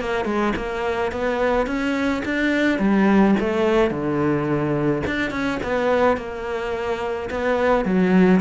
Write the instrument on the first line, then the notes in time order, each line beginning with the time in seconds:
cello
0.00 A#3
0.25 G#3
0.56 A#3
1.12 B3
1.66 C#4
2.25 D4
2.79 G3
3.40 A3
3.90 D3
5.06 D4
5.30 C#4
5.63 B3
6.17 A#3
7.30 B3
7.85 F#3